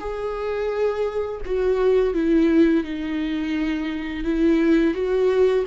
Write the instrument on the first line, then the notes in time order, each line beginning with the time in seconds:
viola
0.00 G#4
1.46 F#4
2.14 E4
2.84 D#4
4.24 E4
4.94 F#4